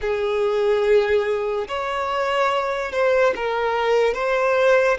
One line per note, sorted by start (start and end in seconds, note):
0.01 1.67 G#4
1.67 2.92 C#5
2.92 3.33 C5
3.35 4.14 A#4
4.14 4.97 C5